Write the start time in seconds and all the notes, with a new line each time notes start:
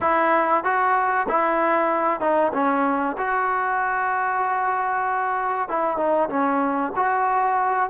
0.00 E4
0.63 F#4
1.28 E4
2.20 D#4
2.53 C#4
3.17 F#4
5.68 E4
5.97 D#4
6.29 C#4
6.96 F#4